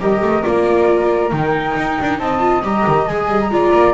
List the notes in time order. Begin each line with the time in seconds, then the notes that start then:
0.00 G3 G4 A#4 D#5
0.22 A3
0.43 A#3 F4 D5
1.31 D#3 D#4 G5
1.77 D#4
2.01 D4
2.19 C4 D#5 A5
2.39 F4
2.63 G3 G4 A#5
2.87 D#3
3.07 G#3 G#4 G#5
3.29 G3
3.41 A#5
3.50 G#3 F4 D5
3.73 A#3